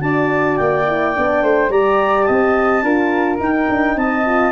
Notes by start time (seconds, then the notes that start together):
0.00 D4 F#4 D5 A5
0.57 A#3 G5
0.87 E4
1.15 B3 D4
1.43 A3 C5
1.70 G3 G4 D5 A#5
2.24 C4 D#5 A5
2.83 D4 F4 A#4
3.40 D#4 G5
3.69 D4
3.97 C4 D#5 A5
4.26 F4